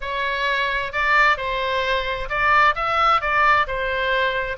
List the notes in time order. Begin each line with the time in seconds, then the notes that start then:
0.00 C#5
0.92 D5
1.37 C5
2.29 D5
2.75 E5
3.21 D5
3.67 C5